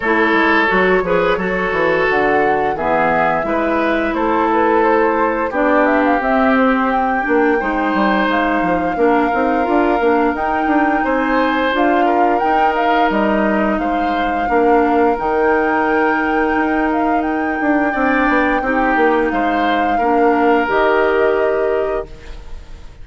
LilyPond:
<<
  \new Staff \with { instrumentName = "flute" } { \time 4/4 \tempo 4 = 87 cis''2. fis''4 | e''2 c''8 b'8 c''4 | d''8 e''16 f''16 e''8 c''8 g''2 | f''2. g''4 |
gis''4 f''4 g''8 f''8 dis''4 | f''2 g''2~ | g''8 f''8 g''2. | f''2 dis''2 | }
  \new Staff \with { instrumentName = "oboe" } { \time 4/4 a'4. b'8 a'2 | gis'4 b'4 a'2 | g'2. c''4~ | c''4 ais'2. |
c''4. ais'2~ ais'8 | c''4 ais'2.~ | ais'2 d''4 g'4 | c''4 ais'2. | }
  \new Staff \with { instrumentName = "clarinet" } { \time 4/4 e'4 fis'8 gis'8 fis'2 | b4 e'2. | d'4 c'4. d'8 dis'4~ | dis'4 d'8 dis'8 f'8 d'8 dis'4~ |
dis'4 f'4 dis'2~ | dis'4 d'4 dis'2~ | dis'2 d'4 dis'4~ | dis'4 d'4 g'2 | }
  \new Staff \with { instrumentName = "bassoon" } { \time 4/4 a8 gis8 fis8 f8 fis8 e8 d4 | e4 gis4 a2 | b4 c'4. ais8 gis8 g8 | gis8 f8 ais8 c'8 d'8 ais8 dis'8 d'8 |
c'4 d'4 dis'4 g4 | gis4 ais4 dis2 | dis'4. d'8 c'8 b8 c'8 ais8 | gis4 ais4 dis2 | }
>>